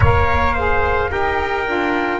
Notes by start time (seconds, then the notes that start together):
0.00 A#3 A#4 C#5 F5
0.53 G#4 C5
1.09 D#4 G4 A#4 G5
1.66 D4 F4